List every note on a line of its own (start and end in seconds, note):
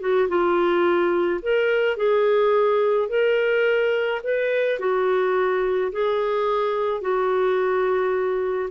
0.00 0.28 F#4
0.29 1.41 F4
1.42 1.97 A#4
1.97 3.09 G#4
3.09 4.21 A#4
4.24 4.79 B4
4.79 5.92 F#4
5.92 7.01 G#4
7.01 8.70 F#4